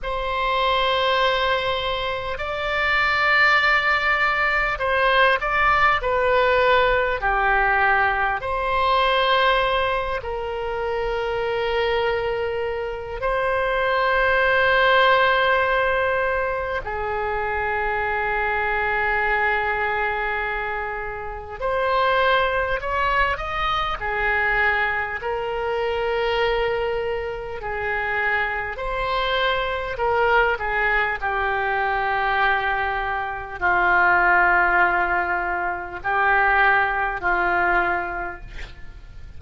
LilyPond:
\new Staff \with { instrumentName = "oboe" } { \time 4/4 \tempo 4 = 50 c''2 d''2 | c''8 d''8 b'4 g'4 c''4~ | c''8 ais'2~ ais'8 c''4~ | c''2 gis'2~ |
gis'2 c''4 cis''8 dis''8 | gis'4 ais'2 gis'4 | c''4 ais'8 gis'8 g'2 | f'2 g'4 f'4 | }